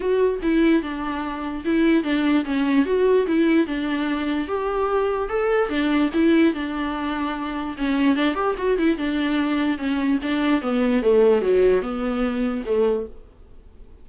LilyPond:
\new Staff \with { instrumentName = "viola" } { \time 4/4 \tempo 4 = 147 fis'4 e'4 d'2 | e'4 d'4 cis'4 fis'4 | e'4 d'2 g'4~ | g'4 a'4 d'4 e'4 |
d'2. cis'4 | d'8 g'8 fis'8 e'8 d'2 | cis'4 d'4 b4 a4 | fis4 b2 a4 | }